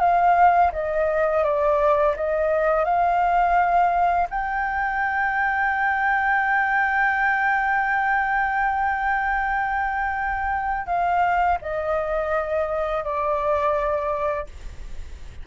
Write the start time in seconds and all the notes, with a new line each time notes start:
0.00 F5
0.72 D#5
1.44 D5
2.17 D#5
2.85 F5
4.30 G5
10.87 F5
11.62 D#5
13.04 D5